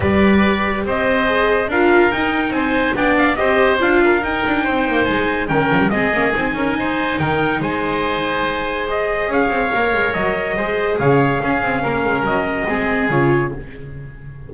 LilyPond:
<<
  \new Staff \with { instrumentName = "trumpet" } { \time 4/4 \tempo 4 = 142 d''2 dis''2 | f''4 g''4 gis''4 g''8 f''8 | dis''4 f''4 g''2 | gis''4 g''4 dis''4 gis''4~ |
gis''4 g''4 gis''2~ | gis''4 dis''4 f''2 | dis''2 f''2~ | f''4 dis''2 cis''4 | }
  \new Staff \with { instrumentName = "oboe" } { \time 4/4 b'2 c''2 | ais'2 c''4 d''4 | c''4. ais'4. c''4~ | c''4 ais'4 gis'4. ais'8 |
c''4 ais'4 c''2~ | c''2 cis''2~ | cis''4 c''4 cis''4 gis'4 | ais'2 gis'2 | }
  \new Staff \with { instrumentName = "viola" } { \time 4/4 g'2. gis'4 | f'4 dis'2 d'4 | g'4 f'4 dis'2~ | dis'4 cis'4 c'8 cis'8 dis'4~ |
dis'1~ | dis'4 gis'2 ais'4~ | ais'4 gis'2 cis'4~ | cis'2 c'4 f'4 | }
  \new Staff \with { instrumentName = "double bass" } { \time 4/4 g2 c'2 | d'4 dis'4 c'4 b4 | c'4 d'4 dis'8 d'8 c'8 ais8 | gis4 dis8 f16 g16 gis8 ais8 c'8 cis'8 |
dis'4 dis4 gis2~ | gis2 cis'8 c'8 ais8 gis8 | fis4 gis4 cis4 cis'8 c'8 | ais8 gis8 fis4 gis4 cis4 | }
>>